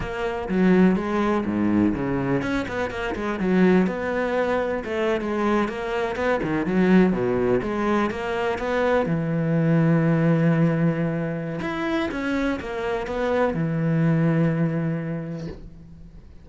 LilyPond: \new Staff \with { instrumentName = "cello" } { \time 4/4 \tempo 4 = 124 ais4 fis4 gis4 gis,4 | cis4 cis'8 b8 ais8 gis8 fis4 | b2 a8. gis4 ais16~ | ais8. b8 dis8 fis4 b,4 gis16~ |
gis8. ais4 b4 e4~ e16~ | e1 | e'4 cis'4 ais4 b4 | e1 | }